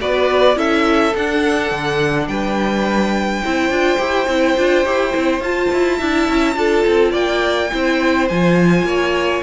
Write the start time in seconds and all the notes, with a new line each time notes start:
0.00 B3 F#4 B4 D5
0.55 C#4 E4 A4 E5
1.15 D4 F#5
1.71 D3
2.27 G3 B4 G5
3.44 C4 E4 C5
3.69 D4 F4
3.98 E4 G4
4.27 C4 E4
4.57 D4 F4
4.85 E4 G4
5.11 C4 E4
5.40 F4 A5
5.73 E4
5.97 D4 E4 E5
6.29 C#4
6.55 D4 F4 A4
6.87 C4
7.11 A#3 D5 G5
7.72 C4 E4 C5
8.28 F3 F4 G#5
8.83 A#3 C#5